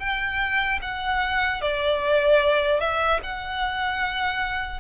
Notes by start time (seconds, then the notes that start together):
0.00 G5
0.82 F#5
1.62 D5
2.81 E5
3.24 F#5